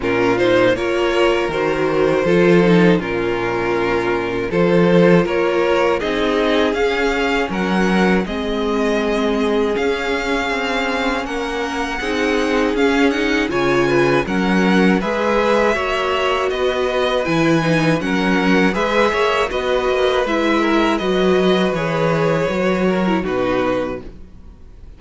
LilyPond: <<
  \new Staff \with { instrumentName = "violin" } { \time 4/4 \tempo 4 = 80 ais'8 c''8 cis''4 c''2 | ais'2 c''4 cis''4 | dis''4 f''4 fis''4 dis''4~ | dis''4 f''2 fis''4~ |
fis''4 f''8 fis''8 gis''4 fis''4 | e''2 dis''4 gis''4 | fis''4 e''4 dis''4 e''4 | dis''4 cis''2 b'4 | }
  \new Staff \with { instrumentName = "violin" } { \time 4/4 f'4 ais'2 a'4 | f'2 a'4 ais'4 | gis'2 ais'4 gis'4~ | gis'2. ais'4 |
gis'2 cis''8 b'8 ais'4 | b'4 cis''4 b'2 | ais'4 b'8 cis''8 b'4. ais'8 | b'2~ b'8 ais'8 fis'4 | }
  \new Staff \with { instrumentName = "viola" } { \time 4/4 cis'8 dis'8 f'4 fis'4 f'8 dis'8 | cis'2 f'2 | dis'4 cis'2 c'4~ | c'4 cis'2. |
dis'4 cis'8 dis'8 f'4 cis'4 | gis'4 fis'2 e'8 dis'8 | cis'4 gis'4 fis'4 e'4 | fis'4 gis'4 fis'8. e'16 dis'4 | }
  \new Staff \with { instrumentName = "cello" } { \time 4/4 ais,4 ais4 dis4 f4 | ais,2 f4 ais4 | c'4 cis'4 fis4 gis4~ | gis4 cis'4 c'4 ais4 |
c'4 cis'4 cis4 fis4 | gis4 ais4 b4 e4 | fis4 gis8 ais8 b8 ais8 gis4 | fis4 e4 fis4 b,4 | }
>>